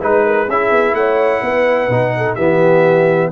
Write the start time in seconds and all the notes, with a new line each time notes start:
0.00 G#3 D#4 B4
0.24 A#4
0.47 C#4 E4 G#4 E5
0.71 B3
0.93 A3 C#5 F#5
1.41 B3 B4
1.88 B2 D#4
2.17 A4
2.35 E3 B3 G4 E5